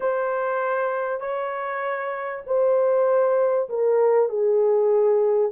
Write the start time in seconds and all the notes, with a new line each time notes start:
0.00 C5
1.20 C#5
2.46 C5
3.69 A#4
4.29 G#4